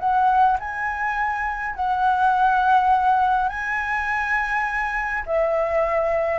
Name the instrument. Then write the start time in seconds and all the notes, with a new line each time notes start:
flute
0.00 F#5
0.60 G#5
1.76 F#5
3.49 G#5
5.26 E5